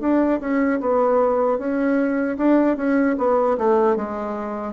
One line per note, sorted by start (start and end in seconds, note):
0.00 0.39 D4
0.40 0.79 C#4
0.80 1.58 B3
1.58 2.37 C#4
2.37 2.77 D4
2.77 3.16 C#4
3.18 3.57 B3
3.58 3.96 A3
3.96 4.73 G#3